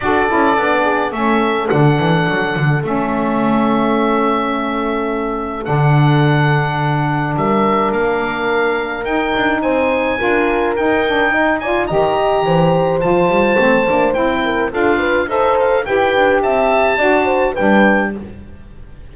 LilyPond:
<<
  \new Staff \with { instrumentName = "oboe" } { \time 4/4 \tempo 4 = 106 d''2 e''4 fis''4~ | fis''4 e''2.~ | e''2 fis''2~ | fis''4 e''4 f''2 |
g''4 gis''2 g''4~ | g''8 gis''8 ais''2 a''4~ | a''4 g''4 f''4 e''8 f''8 | g''4 a''2 g''4 | }
  \new Staff \with { instrumentName = "horn" } { \time 4/4 a'4. gis'8 a'2~ | a'1~ | a'1~ | a'4 ais'2.~ |
ais'4 c''4 ais'2 | dis''8 d''8 dis''4 c''2~ | c''4. ais'8 a'8 b'8 c''4 | b'4 e''4 d''8 c''8 b'4 | }
  \new Staff \with { instrumentName = "saxophone" } { \time 4/4 fis'8 e'8 d'4 cis'4 d'4~ | d'4 cis'2.~ | cis'2 d'2~ | d'1 |
dis'2 f'4 dis'8 d'8 | dis'8 f'8 g'2 f'4 | c'8 d'8 e'4 f'4 a'4 | g'2 fis'4 d'4 | }
  \new Staff \with { instrumentName = "double bass" } { \time 4/4 d'8 cis'8 b4 a4 d8 e8 | fis8 d8 a2.~ | a2 d2~ | d4 g4 ais2 |
dis'8 d'8 c'4 d'4 dis'4~ | dis'4 dis4 e4 f8 g8 | a8 ais8 c'4 d'4 dis'4 | e'8 d'8 c'4 d'4 g4 | }
>>